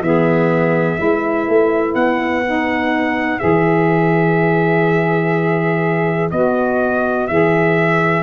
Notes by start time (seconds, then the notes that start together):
0.00 E3 B3 G#4 E5
0.97 G#3 E4 B4
1.48 A3
1.94 B3 F#5
2.45 D#4
3.39 E3 G#4 E5
6.31 B3 F#4 D#5
7.27 E3 G#4 E5